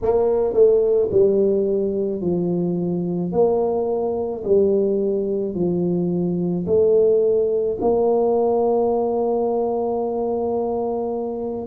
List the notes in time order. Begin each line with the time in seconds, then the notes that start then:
0.02 A#3
0.53 A3
1.11 G3
2.21 F3
3.31 A#3
4.44 G3
5.54 F3
6.66 A3
7.80 A#3